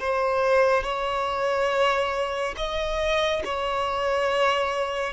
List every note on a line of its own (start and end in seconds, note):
0.00 0.84 C5
0.84 2.55 C#5
2.57 3.43 D#5
3.45 5.14 C#5